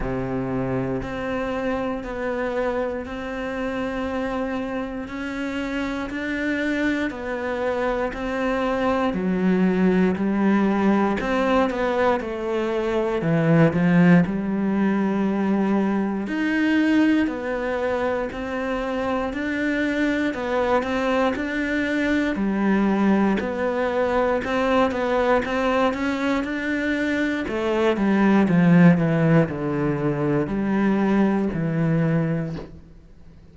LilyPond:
\new Staff \with { instrumentName = "cello" } { \time 4/4 \tempo 4 = 59 c4 c'4 b4 c'4~ | c'4 cis'4 d'4 b4 | c'4 fis4 g4 c'8 b8 | a4 e8 f8 g2 |
dis'4 b4 c'4 d'4 | b8 c'8 d'4 g4 b4 | c'8 b8 c'8 cis'8 d'4 a8 g8 | f8 e8 d4 g4 e4 | }